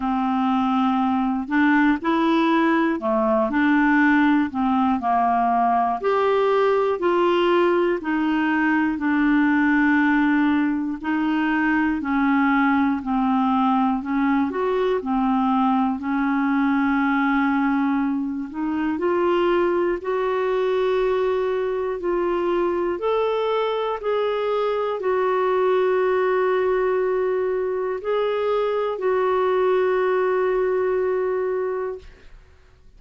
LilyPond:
\new Staff \with { instrumentName = "clarinet" } { \time 4/4 \tempo 4 = 60 c'4. d'8 e'4 a8 d'8~ | d'8 c'8 ais4 g'4 f'4 | dis'4 d'2 dis'4 | cis'4 c'4 cis'8 fis'8 c'4 |
cis'2~ cis'8 dis'8 f'4 | fis'2 f'4 a'4 | gis'4 fis'2. | gis'4 fis'2. | }